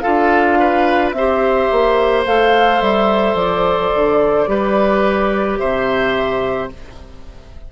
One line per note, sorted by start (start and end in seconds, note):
0.00 1.14 F4
0.00 0.58 A4
0.00 1.11 F5
0.06 1.13 D4
0.60 1.15 B4
1.12 1.69 C4
1.12 4.50 C5
1.12 2.23 E5
1.18 2.26 G4
1.72 2.26 A#3
2.26 2.81 A3
2.26 4.47 A4
2.26 2.81 F5
2.81 3.34 G3
2.81 3.36 E5
3.34 3.90 F3
3.34 5.58 D5
3.95 4.47 D3
4.47 5.59 G3
4.47 6.70 G4
4.47 5.59 B4
5.58 6.72 C3
5.58 6.70 C5
5.58 6.69 E5